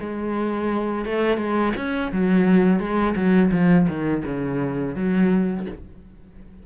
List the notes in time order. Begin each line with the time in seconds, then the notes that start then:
0.00 G#3
1.05 A3
1.37 G#3
1.76 C#4
2.12 F#3
2.79 G#3
3.15 F#3
3.52 F3
3.88 D#3
4.24 C#3
4.95 F#3